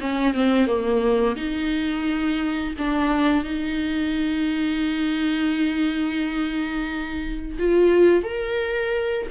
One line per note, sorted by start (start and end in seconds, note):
0.00 0.34 C#4
0.34 0.66 C4
0.66 1.35 A#3
1.36 2.74 D#4
2.78 3.44 D4
3.44 7.57 D#4
7.59 8.23 F4
8.23 9.26 A#4